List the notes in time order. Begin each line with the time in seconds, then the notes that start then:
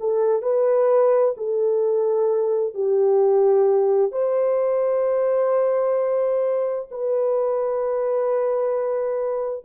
0.00 A4
0.42 B4
1.37 A4
2.74 G4
4.12 C5
6.91 B4